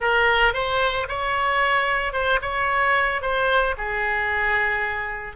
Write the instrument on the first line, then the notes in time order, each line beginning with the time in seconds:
oboe
0.00 A#4
0.53 C5
1.08 C#5
2.12 C5
2.41 C#5
3.21 C5
3.77 G#4